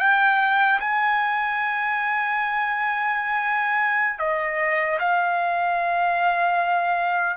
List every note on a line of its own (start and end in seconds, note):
0.00 0.80 G5
0.80 4.19 G#5
4.19 4.99 D#5
5.00 7.37 F5